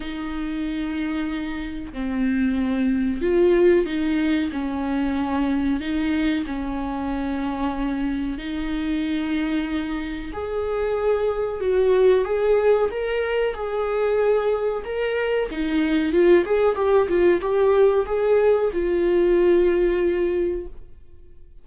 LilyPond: \new Staff \with { instrumentName = "viola" } { \time 4/4 \tempo 4 = 93 dis'2. c'4~ | c'4 f'4 dis'4 cis'4~ | cis'4 dis'4 cis'2~ | cis'4 dis'2. |
gis'2 fis'4 gis'4 | ais'4 gis'2 ais'4 | dis'4 f'8 gis'8 g'8 f'8 g'4 | gis'4 f'2. | }